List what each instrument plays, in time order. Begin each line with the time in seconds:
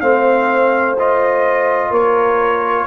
0.00 tuba A3, trombone C4, horn C5, trumpet F5
0.98 trombone F4, trumpet D#5
1.90 tuba A#3, horn A#4, trumpet C#5